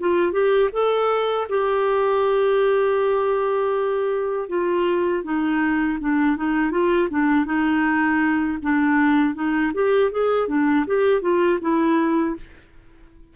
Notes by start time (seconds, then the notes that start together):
0.00 F4
0.32 G4
0.73 A4
1.49 G4
4.49 F4
5.24 D#4
6.00 D4
6.37 D#4
6.71 F4
7.10 D4
7.46 D#4
8.62 D4
9.35 D#4
9.74 G4
10.11 G#4
10.48 D4
10.86 G4
11.22 F4
11.61 E4